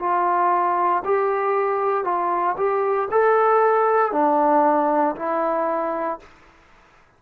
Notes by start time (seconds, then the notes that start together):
0.00 F4
1.05 G4
2.05 F4
2.58 G4
3.11 A4
4.12 D4
5.16 E4